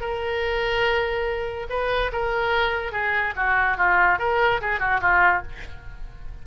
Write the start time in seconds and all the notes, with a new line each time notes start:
0.00 A#4
1.69 B4
2.12 A#4
2.92 G#4
3.36 F#4
3.77 F4
4.19 A#4
4.61 G#4
4.79 F#4
5.00 F4